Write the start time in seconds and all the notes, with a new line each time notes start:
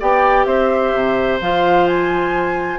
0.00 B3 G4 D5 G5
0.45 C4 C5 E5
0.93 C3
1.41 F3 F4 F5
1.87 G#5